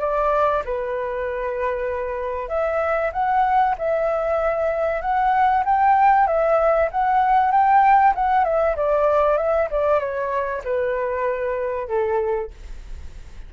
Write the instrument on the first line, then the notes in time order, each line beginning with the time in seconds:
flute
0.00 D5
0.65 B4
2.48 E5
3.12 F#5
3.78 E5
5.01 F#5
5.65 G5
6.27 E5
6.91 F#5
7.51 G5
8.14 F#5
8.44 E5
8.76 D5
9.37 E5
9.70 D5
9.99 C#5
10.64 B4
11.88 A4